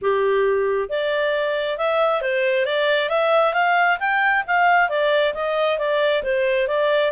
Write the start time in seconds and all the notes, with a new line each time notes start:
0.01 G4
0.89 D5
1.77 E5
2.21 C5
2.65 D5
3.09 E5
3.53 F5
3.99 G5
4.47 F5
4.89 D5
5.34 D#5
5.78 D5
6.23 C5
6.67 D5